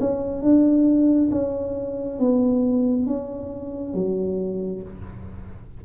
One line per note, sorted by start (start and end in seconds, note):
0.00 0.42 C#4
0.42 1.30 D4
1.32 2.19 C#4
2.19 3.07 B3
3.07 3.94 C#4
3.94 4.82 F#3